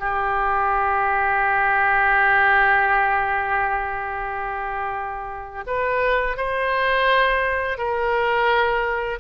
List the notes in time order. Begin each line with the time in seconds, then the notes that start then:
0.00 G4
5.67 B4
6.38 C5
7.78 A#4